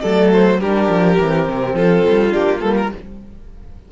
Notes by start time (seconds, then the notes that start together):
0.00 F#3 A3 A4 D5
0.32 C5
0.59 G3 D4 G4 A#4
0.88 F3
1.18 E3 C4
1.48 C3
1.73 F3 F4 A4
2.08 G3
2.30 A#3 D4 G4
2.60 G3 A#3 A4
2.77 A#4